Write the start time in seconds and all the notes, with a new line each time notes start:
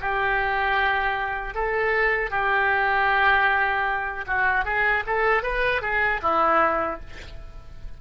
0.00 G4
1.54 A4
2.30 G4
4.26 F#4
4.64 G#4
5.06 A4
5.42 B4
5.81 G#4
6.22 E4